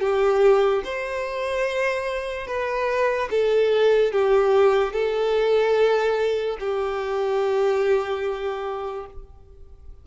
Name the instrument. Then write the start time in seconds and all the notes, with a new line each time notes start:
violin
0.00 G4
0.84 C5
2.47 B4
3.30 A4
4.12 G4
4.93 A4
6.59 G4